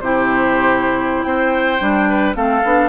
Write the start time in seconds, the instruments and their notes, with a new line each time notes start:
0.00 bassoon C3, clarinet E4, oboe G4, flute C5
1.23 bassoon C4, oboe C5, flute G5
1.79 bassoon G3, clarinet D4
2.09 oboe B4
2.34 bassoon A3, clarinet C4, oboe A4, flute F5
2.64 bassoon B3, clarinet D4